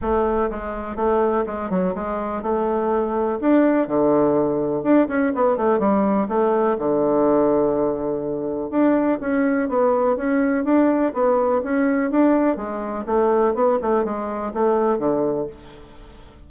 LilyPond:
\new Staff \with { instrumentName = "bassoon" } { \time 4/4 \tempo 4 = 124 a4 gis4 a4 gis8 fis8 | gis4 a2 d'4 | d2 d'8 cis'8 b8 a8 | g4 a4 d2~ |
d2 d'4 cis'4 | b4 cis'4 d'4 b4 | cis'4 d'4 gis4 a4 | b8 a8 gis4 a4 d4 | }